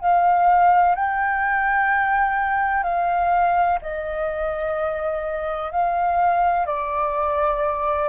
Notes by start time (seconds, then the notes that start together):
0.00 F5
0.95 G5
2.83 F5
3.81 D#5
5.71 F5
6.66 D5